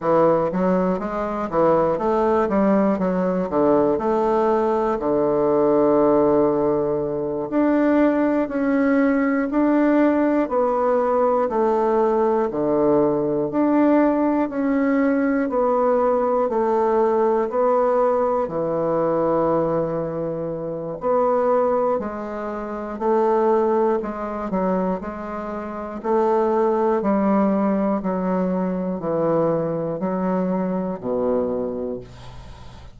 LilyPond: \new Staff \with { instrumentName = "bassoon" } { \time 4/4 \tempo 4 = 60 e8 fis8 gis8 e8 a8 g8 fis8 d8 | a4 d2~ d8 d'8~ | d'8 cis'4 d'4 b4 a8~ | a8 d4 d'4 cis'4 b8~ |
b8 a4 b4 e4.~ | e4 b4 gis4 a4 | gis8 fis8 gis4 a4 g4 | fis4 e4 fis4 b,4 | }